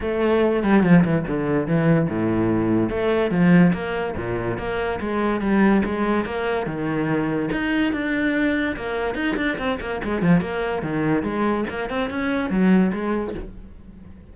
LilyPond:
\new Staff \with { instrumentName = "cello" } { \time 4/4 \tempo 4 = 144 a4. g8 f8 e8 d4 | e4 a,2 a4 | f4 ais4 ais,4 ais4 | gis4 g4 gis4 ais4 |
dis2 dis'4 d'4~ | d'4 ais4 dis'8 d'8 c'8 ais8 | gis8 f8 ais4 dis4 gis4 | ais8 c'8 cis'4 fis4 gis4 | }